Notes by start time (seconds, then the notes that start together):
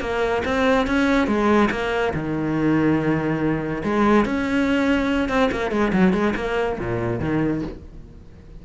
0.00 A#3
0.44 C4
0.86 C#4
1.27 G#3
1.71 A#3
2.14 D#3
3.83 G#3
4.25 C#4
5.28 C4
5.51 A#3
5.71 G#3
5.92 F#3
6.13 G#3
6.35 A#3
6.79 A#2
7.20 D#3